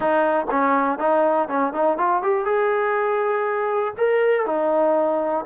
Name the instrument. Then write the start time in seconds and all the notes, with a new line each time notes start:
trombone
0.00 D#4
0.50 C#4
0.98 D#4
1.48 C#4
1.73 D#4
1.97 F4
2.22 G4
2.45 G#4
3.97 A#4
4.46 D#4